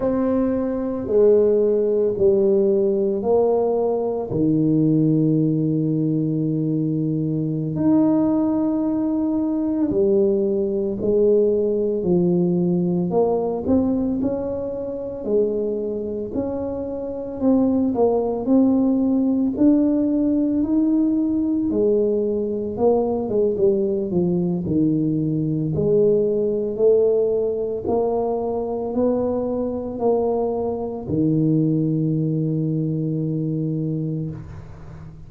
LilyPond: \new Staff \with { instrumentName = "tuba" } { \time 4/4 \tempo 4 = 56 c'4 gis4 g4 ais4 | dis2.~ dis16 dis'8.~ | dis'4~ dis'16 g4 gis4 f8.~ | f16 ais8 c'8 cis'4 gis4 cis'8.~ |
cis'16 c'8 ais8 c'4 d'4 dis'8.~ | dis'16 gis4 ais8 gis16 g8 f8 dis4 | gis4 a4 ais4 b4 | ais4 dis2. | }